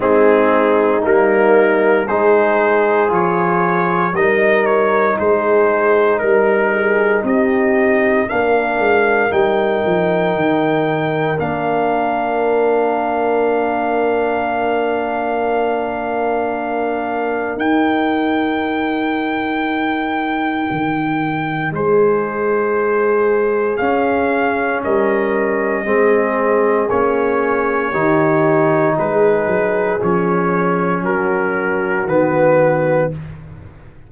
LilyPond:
<<
  \new Staff \with { instrumentName = "trumpet" } { \time 4/4 \tempo 4 = 58 gis'4 ais'4 c''4 cis''4 | dis''8 cis''8 c''4 ais'4 dis''4 | f''4 g''2 f''4~ | f''1~ |
f''4 g''2.~ | g''4 c''2 f''4 | dis''2 cis''2 | b'4 cis''4 ais'4 b'4 | }
  \new Staff \with { instrumentName = "horn" } { \time 4/4 dis'2 gis'2 | ais'4 gis'4 ais'8 gis'8 g'4 | ais'1~ | ais'1~ |
ais'1~ | ais'4 gis'2. | ais'4 gis'2 g'4 | gis'2 fis'2 | }
  \new Staff \with { instrumentName = "trombone" } { \time 4/4 c'4 ais4 dis'4 f'4 | dis'1 | d'4 dis'2 d'4~ | d'1~ |
d'4 dis'2.~ | dis'2. cis'4~ | cis'4 c'4 cis'4 dis'4~ | dis'4 cis'2 b4 | }
  \new Staff \with { instrumentName = "tuba" } { \time 4/4 gis4 g4 gis4 f4 | g4 gis4 g4 c'4 | ais8 gis8 g8 f8 dis4 ais4~ | ais1~ |
ais4 dis'2. | dis4 gis2 cis'4 | g4 gis4 ais4 dis4 | gis8 fis8 f4 fis4 dis4 | }
>>